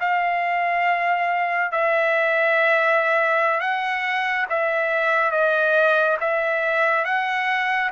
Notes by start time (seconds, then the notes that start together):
0.00 F5
1.71 E5
3.60 F#5
4.50 E5
5.31 D#5
6.20 E5
7.05 F#5